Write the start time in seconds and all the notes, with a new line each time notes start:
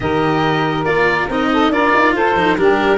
0.00 D#3 G4 A#4 D#5
0.84 A#3 F4 D5
1.29 C4 D#4 D#5
1.52 A4
1.69 D4 F4 A#4 D5
1.94 D#4
2.12 F4 A4 C5
2.34 F3 D#4
2.57 G3 D4 G4 A#4